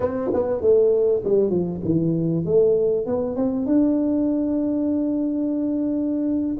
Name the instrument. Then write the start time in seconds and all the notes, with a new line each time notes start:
tuba
0.00 C4
0.33 B3
0.61 A3
1.24 G3
1.50 F3
1.84 E3
2.45 A3
3.06 B3
3.36 C4
3.66 D4